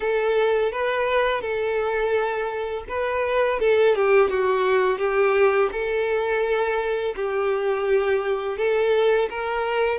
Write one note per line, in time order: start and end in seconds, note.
0.00 0.71 A4
0.72 1.41 B4
1.41 2.83 A4
2.88 3.59 B4
3.59 3.94 A4
3.94 4.29 G4
4.29 4.98 F#4
4.98 5.69 G4
5.72 7.15 A4
7.15 8.57 G4
8.57 9.29 A4
9.30 9.98 A#4